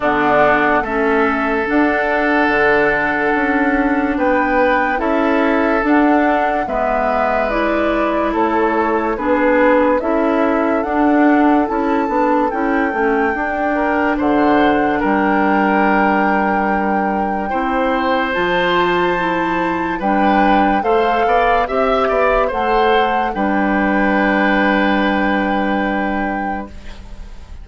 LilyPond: <<
  \new Staff \with { instrumentName = "flute" } { \time 4/4 \tempo 4 = 72 fis''4 e''4 fis''2~ | fis''4 g''4 e''4 fis''4 | e''4 d''4 cis''4 b'4 | e''4 fis''4 a''4 g''4~ |
g''4 fis''4 g''2~ | g''2 a''2 | g''4 f''4 e''4 fis''4 | g''1 | }
  \new Staff \with { instrumentName = "oboe" } { \time 4/4 d'4 a'2.~ | a'4 b'4 a'2 | b'2 a'4 gis'4 | a'1~ |
a'8 ais'8 c''4 ais'2~ | ais'4 c''2. | b'4 c''8 d''8 e''8 d''8 c''4 | b'1 | }
  \new Staff \with { instrumentName = "clarinet" } { \time 4/4 b4 cis'4 d'2~ | d'2 e'4 d'4 | b4 e'2 d'4 | e'4 d'4 e'8 d'8 e'8 cis'8 |
d'1~ | d'4 e'4 f'4 e'4 | d'4 a'4 g'4 a'4 | d'1 | }
  \new Staff \with { instrumentName = "bassoon" } { \time 4/4 d4 a4 d'4 d4 | cis'4 b4 cis'4 d'4 | gis2 a4 b4 | cis'4 d'4 cis'8 b8 cis'8 a8 |
d'4 d4 g2~ | g4 c'4 f2 | g4 a8 b8 c'8 b8 a4 | g1 | }
>>